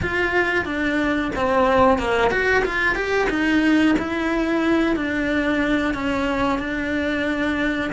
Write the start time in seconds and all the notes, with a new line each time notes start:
0.02 F4
0.65 D4
1.35 C4
1.98 A#3
2.30 F#4
2.64 F4
2.95 G4
3.29 D#4
3.98 E4
4.95 D4
5.93 C#4
6.58 D4